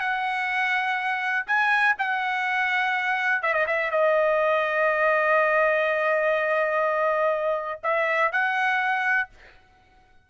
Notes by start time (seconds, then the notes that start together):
0.00 F#5
1.47 G#5
1.98 F#5
3.43 E5
3.54 D#5
3.67 E5
3.91 D#5
7.84 E5
8.32 F#5